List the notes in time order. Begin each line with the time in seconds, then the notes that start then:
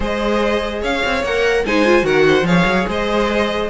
0.00 G#3 G#4 C5 D#5
0.81 C#4 C#5 F5
1.04 C4
1.23 A#3 A#4 F#5
1.65 G#3 D#4 C5 G#5
1.85 F4
2.01 D#3 F#4 A#4 F#5
2.27 C5
2.42 F3 G#4 C#5 F5
2.64 F#3
2.87 G#3 C5 D#5